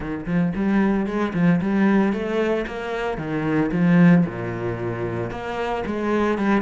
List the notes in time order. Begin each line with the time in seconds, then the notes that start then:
0.00 D#3
0.25 F3
0.55 G3
1.06 G#3
1.33 F3
1.61 G3
2.12 A3
2.67 A#3
3.17 D#3
3.71 F3
4.25 A#2
5.30 A#3
5.86 G#3
6.38 G3